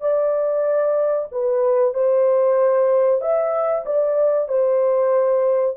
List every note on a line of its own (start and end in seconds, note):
0.00 1.28 D5
1.31 1.94 B4
1.94 3.21 C5
3.21 3.84 E5
3.85 4.48 D5
4.48 5.76 C5